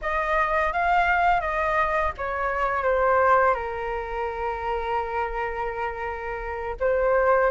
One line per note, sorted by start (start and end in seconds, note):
0.01 0.72 D#5
0.72 1.41 F5
1.41 2.12 D#5
2.17 2.83 C#5
2.83 3.54 C5
3.54 6.75 A#4
6.80 7.50 C5